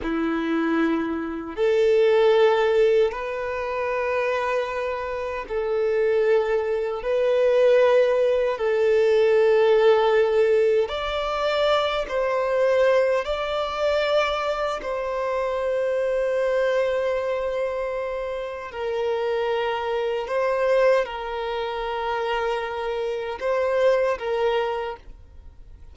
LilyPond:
\new Staff \with { instrumentName = "violin" } { \time 4/4 \tempo 4 = 77 e'2 a'2 | b'2. a'4~ | a'4 b'2 a'4~ | a'2 d''4. c''8~ |
c''4 d''2 c''4~ | c''1 | ais'2 c''4 ais'4~ | ais'2 c''4 ais'4 | }